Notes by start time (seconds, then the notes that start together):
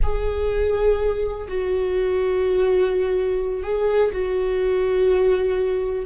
0.02 G#4
1.48 F#4
3.63 G#4
4.12 F#4